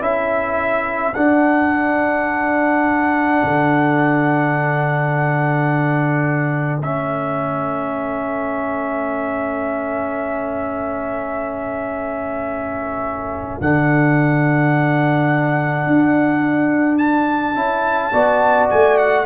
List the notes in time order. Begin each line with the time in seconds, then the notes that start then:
0.00 C#4 E4 A4 E5
1.14 D4 F#5
3.43 D3
6.79 A3 C#4 E5
13.60 D3 D4 F#5
15.86 D4
16.98 A5
17.55 C#4 E4
18.12 B3 F#4 D5
18.70 A3 G#5
18.97 F#5